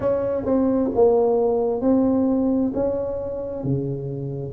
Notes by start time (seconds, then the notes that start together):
0.00 C#4
0.45 C4
0.95 A#3
1.81 C4
2.74 C#4
3.63 C#3